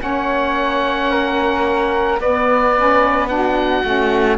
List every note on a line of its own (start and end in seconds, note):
0.00 2.20 A#3
0.00 2.18 C#4
0.00 1.12 C#5
0.00 2.20 F#5
1.12 2.21 A#4
2.20 3.83 B3
2.20 2.77 B3
2.20 3.30 B4
2.20 3.29 D5
2.77 3.29 C#4
3.29 3.83 D4
3.29 4.38 F#4
3.29 4.38 F#5
3.84 4.38 A3
3.84 4.38 C#4